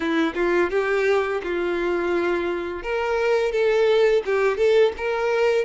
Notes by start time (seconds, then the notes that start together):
0.00 E4
0.35 F4
0.70 G4
1.43 F4
2.82 A#4
3.52 A4
4.25 G4
4.57 A4
4.97 A#4